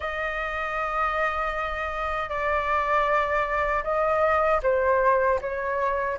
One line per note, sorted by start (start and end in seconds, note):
0.00 2.29 D#5
2.29 3.83 D5
3.83 4.60 D#5
4.62 5.39 C5
5.41 6.18 C#5